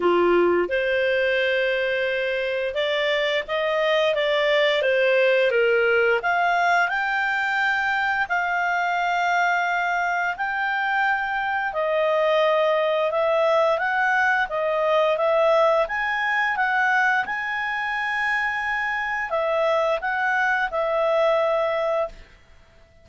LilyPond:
\new Staff \with { instrumentName = "clarinet" } { \time 4/4 \tempo 4 = 87 f'4 c''2. | d''4 dis''4 d''4 c''4 | ais'4 f''4 g''2 | f''2. g''4~ |
g''4 dis''2 e''4 | fis''4 dis''4 e''4 gis''4 | fis''4 gis''2. | e''4 fis''4 e''2 | }